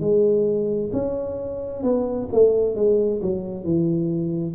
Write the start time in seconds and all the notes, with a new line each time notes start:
0.00 G#3
0.93 C#4
1.83 B3
2.32 A3
2.76 G#3
3.22 F#3
3.64 E3